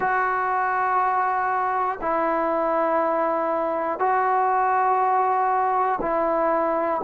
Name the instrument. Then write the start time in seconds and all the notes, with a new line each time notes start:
trombone
0.00 F#4
2.00 E4
3.99 F#4
6.01 E4